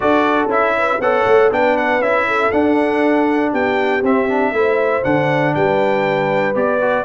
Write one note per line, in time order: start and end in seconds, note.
0.00 0.47 D4
0.00 0.49 F#4
0.00 0.76 A4
0.00 0.49 D5
0.47 0.97 C#4
0.47 1.00 E4
0.47 1.01 E5
0.77 1.01 B4
0.99 1.25 B3
0.99 1.51 A4
0.99 1.51 C#5
0.99 1.51 F#5
1.27 1.50 A3
1.50 1.99 B3
1.50 2.02 D4
1.50 2.27 B4
1.50 1.77 G5
1.77 2.02 F#5
1.99 2.50 C#4
1.99 2.52 E4
1.99 2.51 E5
2.27 3.51 A4
2.51 4.03 D4
2.51 3.53 D4
2.51 3.52 F#5
3.51 4.02 B3
3.51 4.51 G4
3.51 4.04 G5
4.02 4.52 C4
4.02 4.29 C4
4.02 5.04 E5
4.29 4.54 D4
4.52 5.03 A3
4.52 5.03 E4
4.52 5.55 C5
5.03 5.55 D3
5.03 6.54 D4
5.03 5.54 F#5
5.54 6.55 G3
5.54 7.04 B4
5.54 6.55 G5
6.54 7.04 B3
6.54 6.79 G4
6.54 7.04 D5
6.81 7.04 F#4